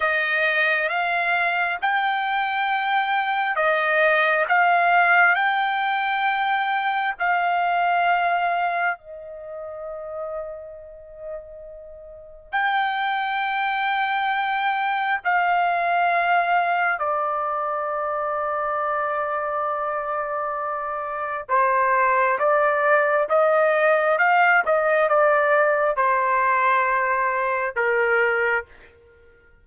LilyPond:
\new Staff \with { instrumentName = "trumpet" } { \time 4/4 \tempo 4 = 67 dis''4 f''4 g''2 | dis''4 f''4 g''2 | f''2 dis''2~ | dis''2 g''2~ |
g''4 f''2 d''4~ | d''1 | c''4 d''4 dis''4 f''8 dis''8 | d''4 c''2 ais'4 | }